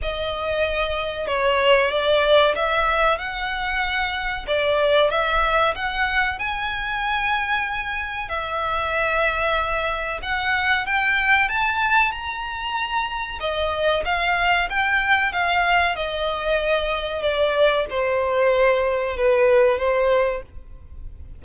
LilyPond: \new Staff \with { instrumentName = "violin" } { \time 4/4 \tempo 4 = 94 dis''2 cis''4 d''4 | e''4 fis''2 d''4 | e''4 fis''4 gis''2~ | gis''4 e''2. |
fis''4 g''4 a''4 ais''4~ | ais''4 dis''4 f''4 g''4 | f''4 dis''2 d''4 | c''2 b'4 c''4 | }